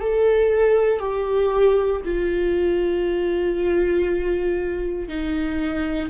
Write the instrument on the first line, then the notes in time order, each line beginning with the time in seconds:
viola
0.00 A4
0.99 G4
2.04 F4
5.08 D#4